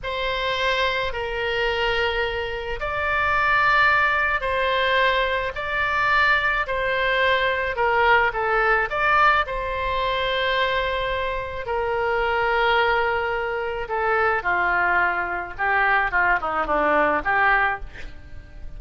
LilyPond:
\new Staff \with { instrumentName = "oboe" } { \time 4/4 \tempo 4 = 108 c''2 ais'2~ | ais'4 d''2. | c''2 d''2 | c''2 ais'4 a'4 |
d''4 c''2.~ | c''4 ais'2.~ | ais'4 a'4 f'2 | g'4 f'8 dis'8 d'4 g'4 | }